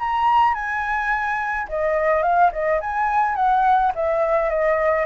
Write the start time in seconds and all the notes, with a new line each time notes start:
0.00 A#5
0.55 G#5
1.69 D#5
2.23 F5
2.53 D#5
2.81 G#5
3.36 F#5
3.95 E5
4.50 D#5